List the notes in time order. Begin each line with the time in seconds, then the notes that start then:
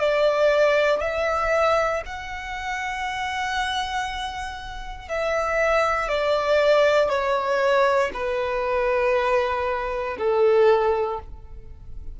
0.00 D5
1.01 E5
2.06 F#5
5.08 E5
6.08 D5
7.09 C#5
8.14 B4
10.18 A4